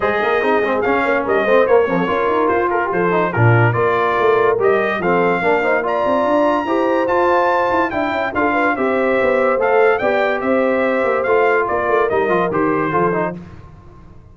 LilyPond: <<
  \new Staff \with { instrumentName = "trumpet" } { \time 4/4 \tempo 4 = 144 dis''2 f''4 dis''4 | cis''2 c''8 ais'8 c''4 | ais'4 d''2 dis''4 | f''2 ais''2~ |
ais''4 a''2 g''4 | f''4 e''2 f''4 | g''4 e''2 f''4 | d''4 dis''4 c''2 | }
  \new Staff \with { instrumentName = "horn" } { \time 4/4 c''8 ais'8 gis'4. cis''8 ais'8 c''8~ | c''8 ais'16 a'16 ais'4. a'16 g'16 a'4 | f'4 ais'2. | a'4 ais'8 c''8 d''2 |
c''2. e''4 | a'8 b'8 c''2. | d''4 c''2. | ais'2. a'4 | }
  \new Staff \with { instrumentName = "trombone" } { \time 4/4 gis'4 dis'8 c'8 cis'4. c'8 | ais8 f8 f'2~ f'8 dis'8 | d'4 f'2 g'4 | c'4 d'8 dis'8 f'2 |
g'4 f'2 e'4 | f'4 g'2 a'4 | g'2. f'4~ | f'4 dis'8 f'8 g'4 f'8 dis'8 | }
  \new Staff \with { instrumentName = "tuba" } { \time 4/4 gis8 ais8 c'8 gis8 cis'8 ais8 g8 a8 | ais8 c'8 cis'8 dis'8 f'4 f4 | ais,4 ais4 a4 g4 | f4 ais4. c'8 d'4 |
e'4 f'4. e'8 d'8 cis'8 | d'4 c'4 b4 a4 | b4 c'4. ais8 a4 | ais8 a8 g8 f8 dis4 f4 | }
>>